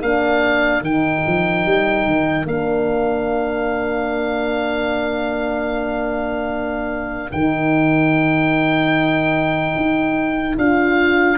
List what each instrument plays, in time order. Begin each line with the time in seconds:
0.00 tuba A#3, horn D4, saxophone A#4, oboe F5
0.80 tuba D#3, horn D#4, oboe G5
1.27 tuba F3
1.65 tuba G3
2.05 tuba D#3
2.45 tuba A#3, horn D4, oboe F5
7.31 tuba D#3, horn D#4, oboe G5
9.76 tuba D#4
10.57 tuba D4, horn F4, oboe F5